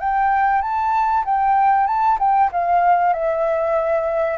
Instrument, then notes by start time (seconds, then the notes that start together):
flute
0.00 G5
0.62 A5
1.25 G5
1.87 A5
2.19 G5
2.52 F5
3.13 E5